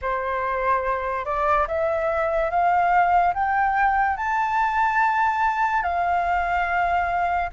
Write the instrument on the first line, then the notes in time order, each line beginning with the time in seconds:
flute
0.02 C5
1.25 D5
1.67 E5
2.50 F5
3.33 G5
4.17 A5
5.83 F5